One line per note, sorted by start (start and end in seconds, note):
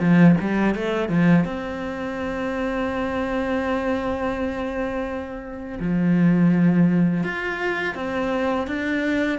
0.00 0.36 F3
0.40 0.75 G3
0.75 1.09 A3
1.09 1.45 F3
1.45 5.79 C4
5.79 7.24 F3
7.24 7.95 F4
7.95 8.67 C4
8.67 9.39 D4